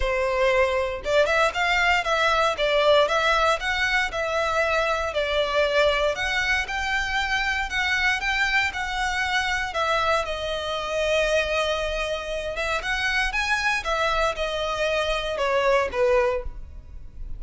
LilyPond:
\new Staff \with { instrumentName = "violin" } { \time 4/4 \tempo 4 = 117 c''2 d''8 e''8 f''4 | e''4 d''4 e''4 fis''4 | e''2 d''2 | fis''4 g''2 fis''4 |
g''4 fis''2 e''4 | dis''1~ | dis''8 e''8 fis''4 gis''4 e''4 | dis''2 cis''4 b'4 | }